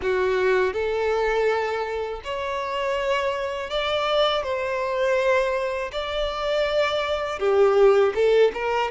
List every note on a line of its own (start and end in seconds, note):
0.02 0.73 F#4
0.73 2.21 A4
2.24 3.69 C#5
3.69 4.43 D5
4.43 5.91 C5
5.92 7.39 D5
7.39 8.13 G4
8.14 8.52 A4
8.54 8.91 A#4